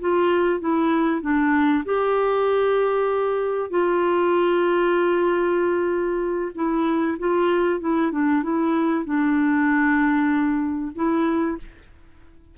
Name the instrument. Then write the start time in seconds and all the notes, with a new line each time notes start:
clarinet
0.00 F4
0.60 E4
1.21 D4
1.84 G4
3.70 F4
6.55 E4
7.18 F4
7.80 E4
8.12 D4
8.43 E4
9.05 D4
10.95 E4